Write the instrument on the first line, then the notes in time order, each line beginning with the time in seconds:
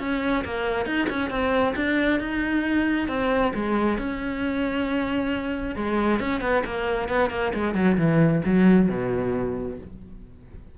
cello
0.00 C#4
0.45 A#3
0.86 D#4
1.09 C#4
1.30 C4
1.76 D4
2.20 D#4
3.08 C4
3.55 G#3
3.99 C#4
5.76 G#3
6.20 C#4
6.41 B3
6.65 A#3
7.09 B3
7.31 A#3
7.54 G#3
7.75 F#3
7.98 E3
8.45 F#3
8.89 B2